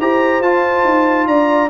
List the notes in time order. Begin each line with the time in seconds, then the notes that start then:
0.00 E4 G4 C5 A#5
0.40 F4 A5
0.85 D#4
1.27 D4 D5 A#5